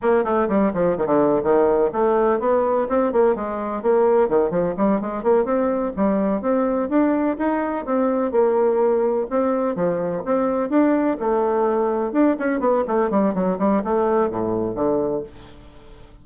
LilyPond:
\new Staff \with { instrumentName = "bassoon" } { \time 4/4 \tempo 4 = 126 ais8 a8 g8 f8 dis16 d8. dis4 | a4 b4 c'8 ais8 gis4 | ais4 dis8 f8 g8 gis8 ais8 c'8~ | c'8 g4 c'4 d'4 dis'8~ |
dis'8 c'4 ais2 c'8~ | c'8 f4 c'4 d'4 a8~ | a4. d'8 cis'8 b8 a8 g8 | fis8 g8 a4 a,4 d4 | }